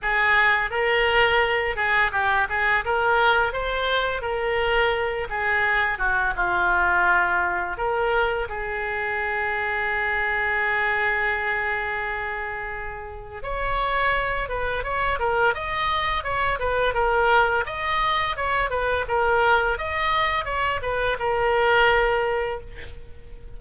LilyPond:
\new Staff \with { instrumentName = "oboe" } { \time 4/4 \tempo 4 = 85 gis'4 ais'4. gis'8 g'8 gis'8 | ais'4 c''4 ais'4. gis'8~ | gis'8 fis'8 f'2 ais'4 | gis'1~ |
gis'2. cis''4~ | cis''8 b'8 cis''8 ais'8 dis''4 cis''8 b'8 | ais'4 dis''4 cis''8 b'8 ais'4 | dis''4 cis''8 b'8 ais'2 | }